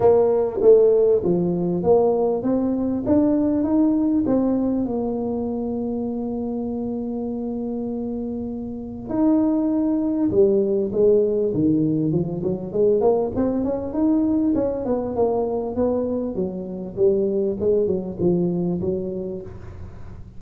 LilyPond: \new Staff \with { instrumentName = "tuba" } { \time 4/4 \tempo 4 = 99 ais4 a4 f4 ais4 | c'4 d'4 dis'4 c'4 | ais1~ | ais2. dis'4~ |
dis'4 g4 gis4 dis4 | f8 fis8 gis8 ais8 c'8 cis'8 dis'4 | cis'8 b8 ais4 b4 fis4 | g4 gis8 fis8 f4 fis4 | }